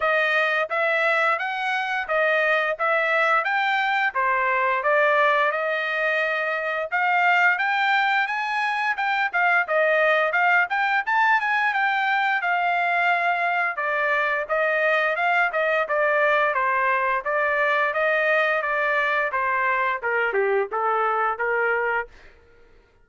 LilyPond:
\new Staff \with { instrumentName = "trumpet" } { \time 4/4 \tempo 4 = 87 dis''4 e''4 fis''4 dis''4 | e''4 g''4 c''4 d''4 | dis''2 f''4 g''4 | gis''4 g''8 f''8 dis''4 f''8 g''8 |
a''8 gis''8 g''4 f''2 | d''4 dis''4 f''8 dis''8 d''4 | c''4 d''4 dis''4 d''4 | c''4 ais'8 g'8 a'4 ais'4 | }